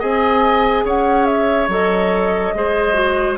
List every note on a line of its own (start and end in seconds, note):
0.00 0.85 C4
0.00 1.69 G#4
0.00 0.85 D#5
0.00 0.87 G#5
0.85 1.68 C#4
0.85 2.54 C#5
0.85 1.26 F#5
1.26 1.68 E5
1.68 2.53 F#3
1.68 2.55 A4
1.68 3.38 D#5
2.55 3.38 G#3
2.55 2.94 G#4
2.55 3.38 C5
2.94 3.36 F#4